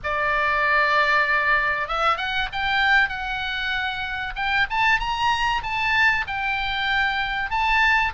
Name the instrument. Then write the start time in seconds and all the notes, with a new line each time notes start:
oboe
0.03 D5
1.88 E5
2.17 F#5
2.52 G5
3.08 F#5
4.35 G5
4.70 A5
4.99 A#5
5.62 A5
6.27 G5
7.50 A5